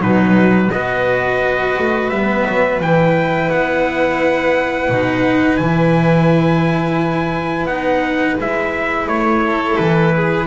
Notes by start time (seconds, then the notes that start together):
0.00 B2 F#3 D#4 B4
0.72 B3 F#4 B4 D#5
1.79 A3
2.10 G3 B3 E5
2.48 F#3
2.80 E3 E4 G5
3.50 B3 F#5
4.89 B2 D#4
5.57 E3 E4 G#5
7.65 B3 D#4 F#5
8.40 G#3 E4 E5
9.07 A3 C#5
9.46 A4
9.77 E3 B4
10.16 G#4